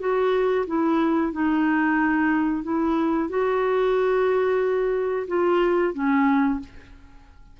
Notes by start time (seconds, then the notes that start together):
0.00 F#4
0.67 E4
1.32 D#4
2.63 E4
3.29 F#4
5.28 F4
5.94 C#4